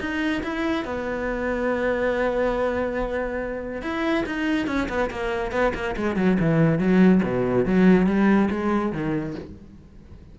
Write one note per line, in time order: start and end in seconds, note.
0.00 0.43 D#4
0.44 0.85 E4
0.85 3.82 B3
3.82 4.25 E4
4.26 4.67 D#4
4.67 4.88 C#4
4.89 5.10 B3
5.11 5.51 A#3
5.51 5.73 B3
5.74 5.96 A#3
5.96 6.16 G#3
6.16 6.38 F#3
6.40 6.79 E3
6.79 7.21 F#3
7.23 7.66 B2
7.66 8.07 F#3
8.07 8.49 G3
8.51 8.92 G#3
8.92 9.35 D#3